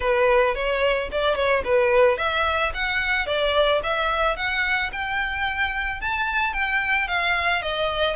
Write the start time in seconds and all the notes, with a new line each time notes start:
0.00 B4
0.54 C#5
1.11 D5
1.35 C#5
1.64 B4
2.17 E5
2.73 F#5
3.26 D5
3.83 E5
4.36 F#5
4.92 G5
6.00 A5
6.53 G5
7.07 F5
7.62 D#5